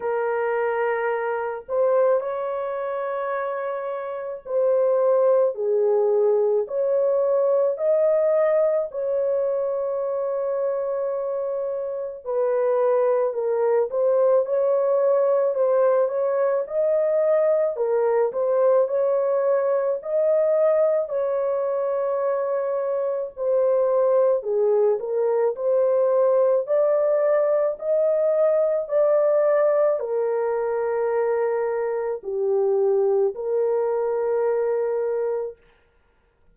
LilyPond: \new Staff \with { instrumentName = "horn" } { \time 4/4 \tempo 4 = 54 ais'4. c''8 cis''2 | c''4 gis'4 cis''4 dis''4 | cis''2. b'4 | ais'8 c''8 cis''4 c''8 cis''8 dis''4 |
ais'8 c''8 cis''4 dis''4 cis''4~ | cis''4 c''4 gis'8 ais'8 c''4 | d''4 dis''4 d''4 ais'4~ | ais'4 g'4 ais'2 | }